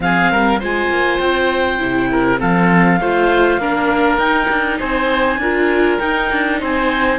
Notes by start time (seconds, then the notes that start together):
0.00 F3 C4 G#4 F5
0.31 G3 A#4
0.59 G#3 F4 C5 G#5
0.89 A#3
1.18 C4 G5
1.79 C3 E4
2.11 A#4
2.38 F3 C4 A4 F5
3.00 A3 F4 C5
3.57 A#3 D4 A#4
4.17 D#4 G5
4.49 D4
4.79 C4 C5 G#5
5.37 D4 F4 A#4
5.99 D#4 G5
6.31 D4
6.60 C4 C5 G#5